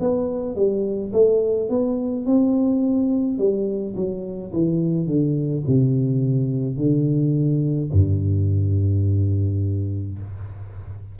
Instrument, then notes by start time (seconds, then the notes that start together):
tuba
0.00 B3
0.55 G3
1.12 A3
1.69 B3
2.25 C4
3.38 G3
3.95 F#3
4.53 E3
5.06 D3
5.67 C3
6.77 D3
7.92 G2